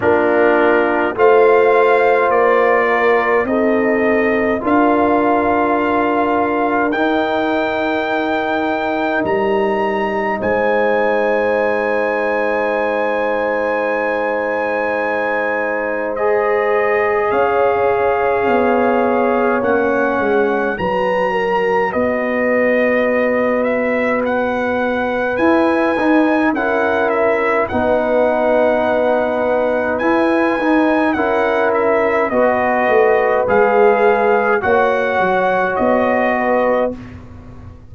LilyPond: <<
  \new Staff \with { instrumentName = "trumpet" } { \time 4/4 \tempo 4 = 52 ais'4 f''4 d''4 dis''4 | f''2 g''2 | ais''4 gis''2.~ | gis''2 dis''4 f''4~ |
f''4 fis''4 ais''4 dis''4~ | dis''8 e''8 fis''4 gis''4 fis''8 e''8 | fis''2 gis''4 fis''8 e''8 | dis''4 f''4 fis''4 dis''4 | }
  \new Staff \with { instrumentName = "horn" } { \time 4/4 f'4 c''4. ais'8 a'4 | ais'1~ | ais'4 c''2.~ | c''2. cis''4~ |
cis''2 b'8 ais'8 b'4~ | b'2. ais'4 | b'2. ais'4 | b'2 cis''4. b'8 | }
  \new Staff \with { instrumentName = "trombone" } { \time 4/4 d'4 f'2 dis'4 | f'2 dis'2~ | dis'1~ | dis'2 gis'2~ |
gis'4 cis'4 fis'2~ | fis'2 e'8 dis'8 e'4 | dis'2 e'8 dis'8 e'4 | fis'4 gis'4 fis'2 | }
  \new Staff \with { instrumentName = "tuba" } { \time 4/4 ais4 a4 ais4 c'4 | d'2 dis'2 | g4 gis2.~ | gis2. cis'4 |
b4 ais8 gis8 fis4 b4~ | b2 e'8 dis'8 cis'4 | b2 e'8 dis'8 cis'4 | b8 a8 gis4 ais8 fis8 b4 | }
>>